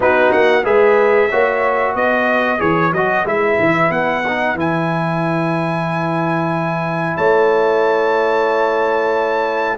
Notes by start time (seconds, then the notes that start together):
0.00 B3 D#4 F#4 B4
0.32 A#3 F#5
0.64 G#3 G#4 B4 E5
1.31 A#3 F#4 C#5
1.94 B3 B4 D#5
2.58 E3 G#4 C#5
2.91 F#3 F#4 D#5
3.25 G#3 E4 E5
3.59 E3
3.90 B3 F#5
4.28 D#4
4.54 E3 E4 G#5
7.16 A3 C#5 A5